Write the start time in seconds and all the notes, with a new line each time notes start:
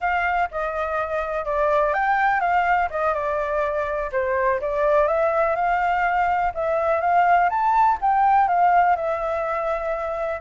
0.00 F5
0.51 D#5
1.45 D5
1.93 G5
2.40 F5
2.90 D#5
3.13 D5
4.12 C5
4.60 D5
5.07 E5
5.55 F5
6.54 E5
7.00 F5
7.49 A5
8.01 G5
8.47 F5
8.95 E5